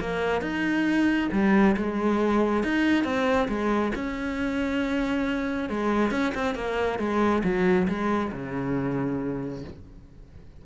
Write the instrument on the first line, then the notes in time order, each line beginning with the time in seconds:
cello
0.00 A#3
0.41 D#4
1.32 G3
1.76 G#3
2.63 D#4
3.04 C4
3.48 G#3
3.95 C#4
5.69 G#3
6.11 C#4
6.34 C4
6.55 A#3
6.99 G#3
7.43 F#3
7.88 G#3
8.32 C#3